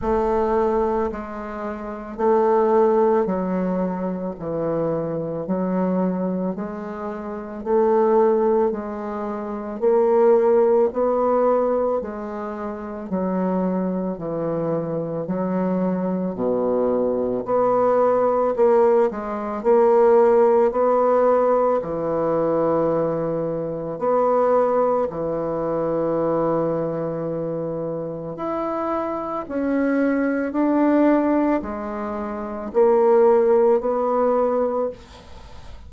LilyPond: \new Staff \with { instrumentName = "bassoon" } { \time 4/4 \tempo 4 = 55 a4 gis4 a4 fis4 | e4 fis4 gis4 a4 | gis4 ais4 b4 gis4 | fis4 e4 fis4 b,4 |
b4 ais8 gis8 ais4 b4 | e2 b4 e4~ | e2 e'4 cis'4 | d'4 gis4 ais4 b4 | }